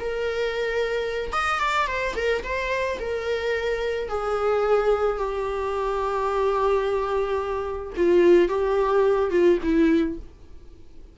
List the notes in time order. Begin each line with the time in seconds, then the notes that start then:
0.00 A#4
1.33 D#5
1.60 D5
1.87 C5
2.16 A#4
2.44 C5
3.00 A#4
4.09 G#4
5.18 G4
7.97 F4
8.49 G4
9.31 F4
9.64 E4